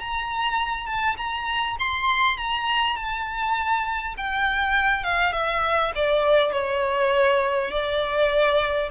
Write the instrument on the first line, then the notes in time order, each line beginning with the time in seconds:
violin
0.00 A#5
0.86 A5
1.17 A#5
1.79 C6
2.38 A#5
2.96 A5
4.17 G5
5.04 F5
5.32 E5
5.95 D5
6.52 C#5
7.71 D5